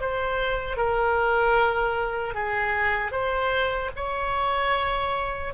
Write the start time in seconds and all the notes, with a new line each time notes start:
0.00 C5
0.77 A#4
2.34 G#4
3.11 C5
3.96 C#5